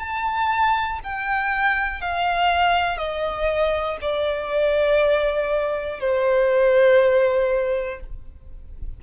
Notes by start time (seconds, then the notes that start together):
0.00 A5
1.04 G5
2.01 F5
2.98 D#5
4.02 D5
6.01 C5